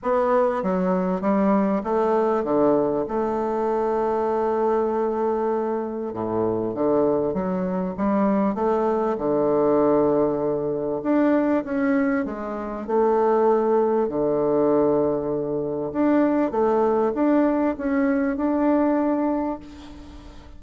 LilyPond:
\new Staff \with { instrumentName = "bassoon" } { \time 4/4 \tempo 4 = 98 b4 fis4 g4 a4 | d4 a2.~ | a2 a,4 d4 | fis4 g4 a4 d4~ |
d2 d'4 cis'4 | gis4 a2 d4~ | d2 d'4 a4 | d'4 cis'4 d'2 | }